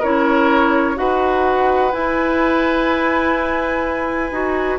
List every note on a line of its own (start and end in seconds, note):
0.00 0.98 C#4
0.00 0.95 E4
0.00 0.95 A#4
0.00 0.98 C#5
0.95 1.93 D#4
0.95 1.91 F#4
0.95 4.79 B4
0.95 1.92 F#5
1.92 4.30 E4
1.92 4.31 E4
1.92 4.78 G#5
4.31 4.79 D#4
4.31 4.79 F#4